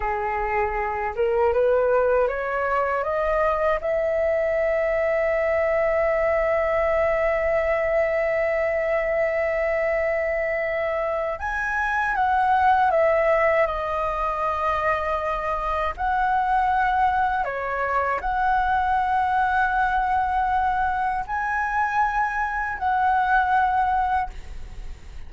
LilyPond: \new Staff \with { instrumentName = "flute" } { \time 4/4 \tempo 4 = 79 gis'4. ais'8 b'4 cis''4 | dis''4 e''2.~ | e''1~ | e''2. gis''4 |
fis''4 e''4 dis''2~ | dis''4 fis''2 cis''4 | fis''1 | gis''2 fis''2 | }